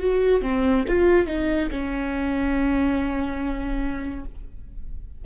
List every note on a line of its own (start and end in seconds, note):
0.00 0.42 F#4
0.42 0.84 C4
0.88 1.27 F4
1.27 1.69 D#4
1.71 4.25 C#4